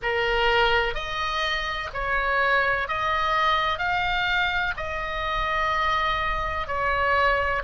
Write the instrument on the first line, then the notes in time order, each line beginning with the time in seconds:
oboe
0.02 A#4
0.94 D#5
1.93 C#5
2.88 D#5
3.78 F5
4.77 D#5
6.67 C#5